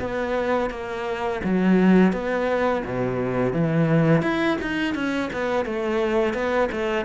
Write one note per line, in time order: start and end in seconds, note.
0.00 0.71 B3
0.71 1.41 A#3
1.44 2.13 F#3
2.13 2.83 B3
2.84 3.53 B2
3.53 4.23 E3
4.23 4.58 E4
4.62 4.95 D#4
4.95 5.30 C#4
5.33 5.66 B3
5.66 6.34 A3
6.34 6.69 B3
6.72 7.06 A3